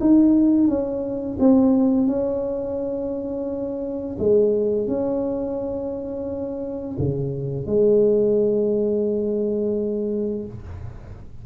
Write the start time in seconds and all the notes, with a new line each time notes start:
0.00 D#4
0.67 C#4
1.39 C4
2.07 C#4
4.18 G#3
4.87 C#4
6.98 C#3
7.66 G#3